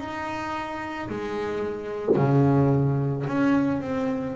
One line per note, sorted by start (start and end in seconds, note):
0.00 1.09 D#4
1.10 2.16 G#3
2.16 3.25 C#3
3.28 3.81 C#4
3.81 4.36 C4